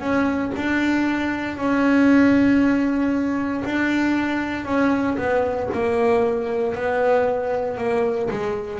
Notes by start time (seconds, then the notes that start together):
0.00 C#4
0.56 D4
1.57 C#4
3.65 D4
4.65 C#4
5.17 B3
5.73 A#3
6.75 B3
7.77 A#3
8.30 G#3